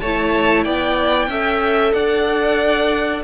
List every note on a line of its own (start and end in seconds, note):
0.00 0.66 A3
0.00 1.31 E4
0.00 0.65 C#5
0.00 0.64 A5
0.64 1.28 B3
0.64 1.29 D5
0.64 1.93 G5
1.28 1.93 C#4
1.28 3.24 A4
1.28 1.94 E5
1.94 3.24 D4
1.94 3.24 D5
1.94 3.23 F#5